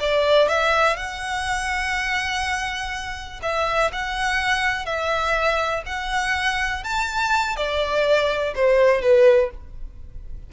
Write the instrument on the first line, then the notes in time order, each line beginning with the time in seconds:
violin
0.00 D5
0.48 E5
0.96 F#5
3.42 E5
3.92 F#5
4.85 E5
5.86 F#5
6.83 A5
7.56 D5
8.55 C5
9.01 B4